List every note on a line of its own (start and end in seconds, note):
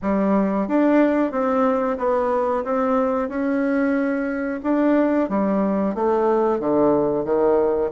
0.02 0.67 G3
0.67 1.31 D4
1.31 1.97 C4
1.98 2.64 B3
2.64 3.28 C4
3.28 4.60 C#4
4.63 5.29 D4
5.29 5.94 G3
5.94 6.59 A3
6.59 7.24 D3
7.24 7.90 D#3